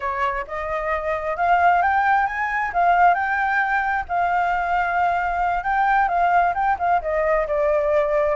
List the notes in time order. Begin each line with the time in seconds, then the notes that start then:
0.00 C#5
0.47 D#5
1.36 F5
1.82 G5
2.26 G#5
2.73 F5
3.14 G5
4.08 F5
5.63 G5
6.08 F5
6.54 G5
6.78 F5
7.01 D#5
7.47 D5